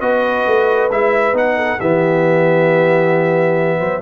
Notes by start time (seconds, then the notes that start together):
0.00 B3 F#4 B4 D#5
0.46 A3
0.90 G#3 E4 E5
1.33 B3 D#4 F#5
1.57 A4
1.78 E3 B3 G4 E5
3.78 F#3 C5